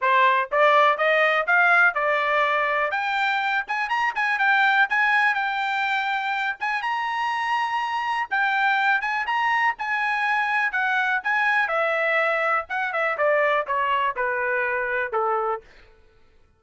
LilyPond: \new Staff \with { instrumentName = "trumpet" } { \time 4/4 \tempo 4 = 123 c''4 d''4 dis''4 f''4 | d''2 g''4. gis''8 | ais''8 gis''8 g''4 gis''4 g''4~ | g''4. gis''8 ais''2~ |
ais''4 g''4. gis''8 ais''4 | gis''2 fis''4 gis''4 | e''2 fis''8 e''8 d''4 | cis''4 b'2 a'4 | }